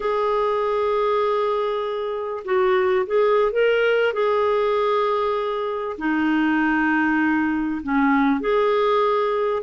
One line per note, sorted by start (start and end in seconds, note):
0.00 2.43 G#4
2.44 3.06 F#4
3.06 3.51 G#4
3.51 4.13 A#4
4.13 5.97 G#4
5.97 7.81 D#4
7.83 8.40 C#4
8.40 9.62 G#4